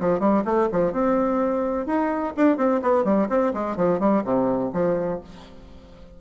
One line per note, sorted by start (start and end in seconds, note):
0.00 0.20 F3
0.20 0.43 G3
0.45 0.69 A3
0.72 0.92 F3
0.92 1.86 C4
1.86 2.34 D#4
2.37 2.57 D4
2.57 2.81 C4
2.82 3.04 B3
3.04 3.28 G3
3.29 3.53 C4
3.53 3.76 G#3
3.76 4.00 F3
4.00 4.23 G3
4.24 4.71 C3
4.73 5.21 F3